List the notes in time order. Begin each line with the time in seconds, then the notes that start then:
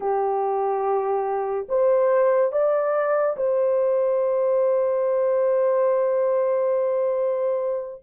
0.00 G4
1.69 C5
2.52 D5
3.36 C5